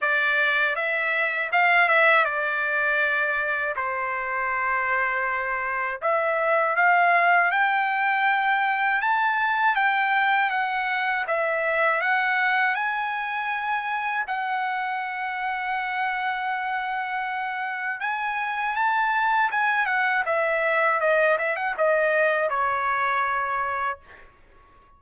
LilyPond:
\new Staff \with { instrumentName = "trumpet" } { \time 4/4 \tempo 4 = 80 d''4 e''4 f''8 e''8 d''4~ | d''4 c''2. | e''4 f''4 g''2 | a''4 g''4 fis''4 e''4 |
fis''4 gis''2 fis''4~ | fis''1 | gis''4 a''4 gis''8 fis''8 e''4 | dis''8 e''16 fis''16 dis''4 cis''2 | }